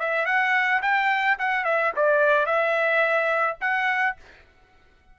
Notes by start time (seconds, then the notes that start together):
0.00 E5
0.26 F#5
0.83 G5
1.39 F#5
1.65 E5
1.96 D5
2.47 E5
3.61 F#5